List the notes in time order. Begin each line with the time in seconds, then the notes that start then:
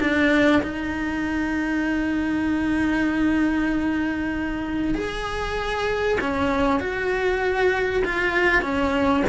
0.00 D4
0.62 D#4
4.94 G#4
6.21 C#4
6.80 F#4
8.05 F4
8.62 C#4